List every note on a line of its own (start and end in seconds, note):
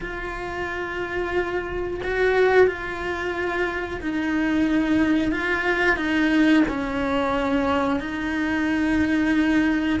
0.00 2.00 F4
2.03 2.67 F#4
2.67 4.00 F4
4.01 5.31 D#4
5.31 5.96 F4
5.96 6.63 D#4
6.68 7.99 C#4
7.99 9.99 D#4